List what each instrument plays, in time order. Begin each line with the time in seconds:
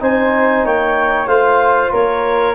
0.00 tuba C4, trombone D#4, flute C5, clarinet G#5
0.65 tuba A#3, flute C#5, clarinet G5
1.27 tuba A3, trombone F4, flute C5, clarinet F5
1.93 tuba A#3, flute A#4, clarinet C#5